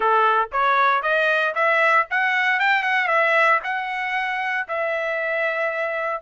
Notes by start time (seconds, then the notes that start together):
0.00 A4
0.51 C#5
1.02 D#5
1.54 E5
2.10 F#5
2.59 G5
2.83 F#5
3.07 E5
3.63 F#5
4.67 E5